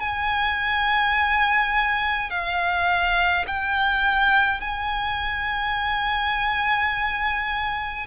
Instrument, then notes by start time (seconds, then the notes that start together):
violin
0.00 G#5
2.30 F5
3.47 G5
4.60 G#5